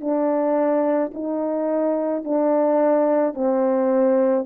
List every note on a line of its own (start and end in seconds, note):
0.00 1.11 D4
1.13 2.24 D#4
2.24 3.34 D4
3.34 4.45 C4